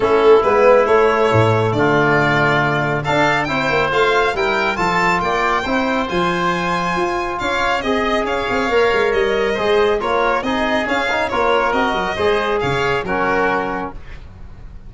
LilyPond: <<
  \new Staff \with { instrumentName = "violin" } { \time 4/4 \tempo 4 = 138 a'4 b'4 cis''2 | d''2. f''4 | g''4 f''4 g''4 a''4 | g''2 gis''2~ |
gis''4 f''4 dis''4 f''4~ | f''4 dis''2 cis''4 | dis''4 f''4 cis''4 dis''4~ | dis''4 f''4 ais'2 | }
  \new Staff \with { instrumentName = "oboe" } { \time 4/4 e'1 | f'2. a'4 | c''2 ais'4 a'4 | d''4 c''2.~ |
c''4 cis''4 dis''4 cis''4~ | cis''2 c''4 ais'4 | gis'2 ais'2 | c''4 cis''4 fis'2 | }
  \new Staff \with { instrumentName = "trombone" } { \time 4/4 cis'4 b4 a2~ | a2. d'4 | e'4 f'4 e'4 f'4~ | f'4 e'4 f'2~ |
f'2 gis'2 | ais'2 gis'4 f'4 | dis'4 cis'8 dis'8 f'4 fis'4 | gis'2 cis'2 | }
  \new Staff \with { instrumentName = "tuba" } { \time 4/4 a4 gis4 a4 a,4 | d2. d'4 | c'8 ais8 a4 g4 f4 | ais4 c'4 f2 |
f'4 cis'4 c'4 cis'8 c'8 | ais8 gis8 g4 gis4 ais4 | c'4 cis'4 ais4 c'8 fis8 | gis4 cis4 fis2 | }
>>